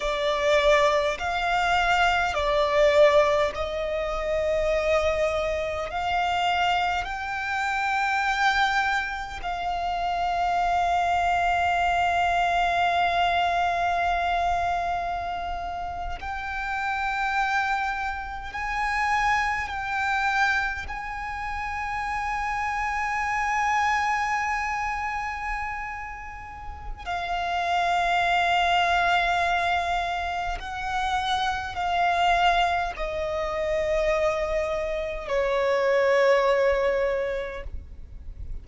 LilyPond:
\new Staff \with { instrumentName = "violin" } { \time 4/4 \tempo 4 = 51 d''4 f''4 d''4 dis''4~ | dis''4 f''4 g''2 | f''1~ | f''4.~ f''16 g''2 gis''16~ |
gis''8. g''4 gis''2~ gis''16~ | gis''2. f''4~ | f''2 fis''4 f''4 | dis''2 cis''2 | }